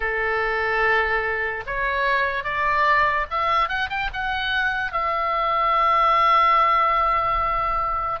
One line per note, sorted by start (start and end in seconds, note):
0.00 1.64 A4
1.66 2.44 C#5
2.44 3.26 D5
3.30 3.68 E5
3.68 3.89 F#5
3.89 4.09 G5
4.13 4.92 F#5
4.92 8.20 E5